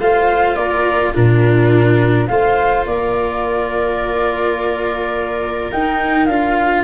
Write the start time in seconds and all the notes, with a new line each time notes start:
0.00 A3 F4 C5 F5
0.56 A#3 A#4 D5
1.12 A#2 D4 F4 A#4
2.28 A3 F4 C5 F5
2.86 A#3 A#4 D5
5.72 D#4 G5
6.26 D4 F4 F5